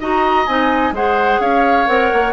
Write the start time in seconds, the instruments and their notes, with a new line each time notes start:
0.00 bassoon D#4, clarinet F#4, oboe D#5, flute A#5
0.46 bassoon C4, clarinet D#4, flute G#5
0.92 bassoon G#3, clarinet G#4, oboe C5, flute F#5
1.40 bassoon C#4, oboe C#5, flute F5
1.87 bassoon C4, clarinet A#4, flute F#5
2.12 bassoon A#3